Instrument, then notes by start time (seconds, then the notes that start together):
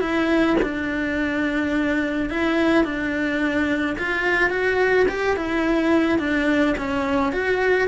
cello
0.00 E4
0.62 D4
2.29 E4
2.84 D4
3.98 F4
4.50 F#4
5.08 G4
5.36 E4
6.19 D4
6.77 C#4
7.32 F#4